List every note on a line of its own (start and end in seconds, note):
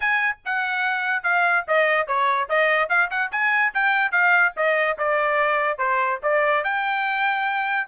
0.00 0.37 G#5
0.45 1.23 F#5
1.23 1.64 F5
1.67 2.07 D#5
2.07 2.48 C#5
2.49 2.89 D#5
2.89 3.10 F5
3.10 3.31 F#5
3.31 3.73 G#5
3.74 4.11 G5
4.11 4.53 F5
4.56 4.97 D#5
4.97 5.78 D5
5.78 6.19 C5
6.23 6.64 D5
6.64 7.87 G5